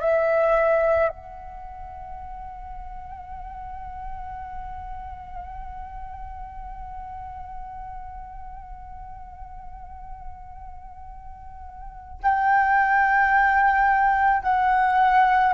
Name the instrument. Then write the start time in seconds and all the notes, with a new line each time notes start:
flute
0.00 E5
1.09 F#5
12.23 G5
14.43 F#5